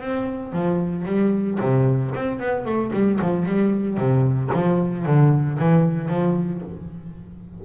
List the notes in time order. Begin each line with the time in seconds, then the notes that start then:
0.00 C4
0.53 F3
1.05 G3
1.60 C3
2.15 C4
2.39 B3
2.65 A3
2.93 G3
3.21 F3
3.46 G3
3.97 C3
4.53 F3
5.06 D3
5.59 E3
6.09 F3